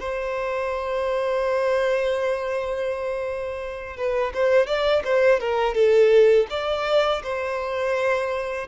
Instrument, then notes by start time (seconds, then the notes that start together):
violin
0.00 C5
3.97 B4
4.34 C5
4.67 D5
5.05 C5
5.41 A#4
5.75 A4
6.50 D5
7.23 C5